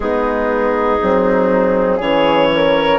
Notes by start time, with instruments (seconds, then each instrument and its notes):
0.00 bassoon G#3, horn B3, flute D#4, clarinet G#4
1.01 bassoon F#3, horn C4
1.96 bassoon E3, horn C#4, flute G#4, clarinet C#5
2.55 flute A#4